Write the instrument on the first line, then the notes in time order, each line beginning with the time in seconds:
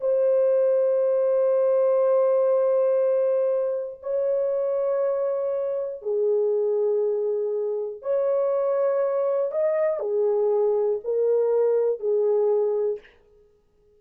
horn
0.00 C5
4.02 C#5
6.02 G#4
8.02 C#5
9.51 D#5
9.99 G#4
11.04 A#4
12.00 G#4